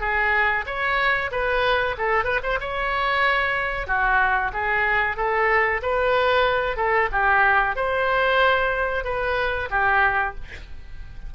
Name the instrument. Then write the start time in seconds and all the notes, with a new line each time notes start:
oboe
0.00 G#4
0.66 C#5
1.31 B4
1.98 A4
2.24 B4
2.43 C5
2.60 C#5
3.87 F#4
4.53 G#4
5.16 A4
5.82 B4
6.77 A4
7.11 G4
7.76 C5
9.04 B4
9.70 G4